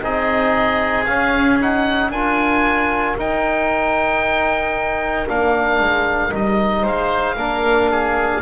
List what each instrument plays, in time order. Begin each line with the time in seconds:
0.00 double bass C4, trombone D#4, oboe G#4 D#5
1.05 double bass C#4, trombone C#4, oboe F5
1.59 trombone D#4, oboe F#5
2.09 double bass D4, trombone F4, oboe A#4 G#5
3.17 double bass D#4, trombone D#4, oboe G5
5.27 double bass A#3, trombone D4, oboe F5
5.80 double bass G#3
6.30 double bass G3, trombone D#4, oboe D#5
6.82 double bass G#3, oboe C5 F5
7.36 double bass A#3, trombone D4, oboe A#4
7.91 oboe G#4